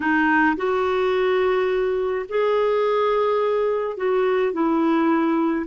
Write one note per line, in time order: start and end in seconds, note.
0.00 0.56 D#4
0.56 2.26 F#4
2.28 3.96 G#4
3.96 4.53 F#4
4.53 5.66 E4